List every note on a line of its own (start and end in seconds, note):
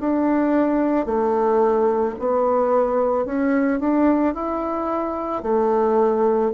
0.00 1.06 D4
1.06 2.15 A3
2.19 3.25 B3
3.25 3.80 C#4
3.80 4.34 D4
4.34 5.42 E4
5.42 6.52 A3